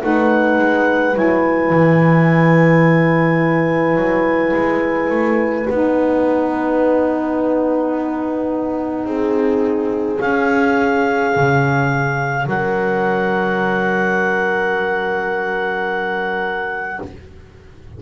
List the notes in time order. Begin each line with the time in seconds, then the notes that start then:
0.00 A3 D#4 B4 F#5
0.58 G#3
1.13 F#3 E4 G#5
1.70 E3
3.96 F#3
4.54 G#3
5.10 A3
5.69 B3 D#4 F#5
9.05 C4 G#4
10.18 C#4 F5
11.36 C#3
12.46 F#3 A#4 F#5